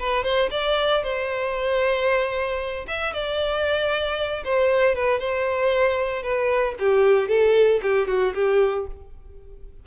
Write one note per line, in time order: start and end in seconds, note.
0.00 0.24 B4
0.24 0.50 C5
0.51 1.03 D5
1.04 2.86 C5
2.88 3.14 E5
3.14 4.44 D5
4.45 4.95 C5
4.95 5.20 B4
5.20 6.23 C5
6.23 6.75 B4
6.80 7.29 G4
7.29 7.81 A4
7.83 8.08 G4
8.08 8.34 F#4
8.35 8.87 G4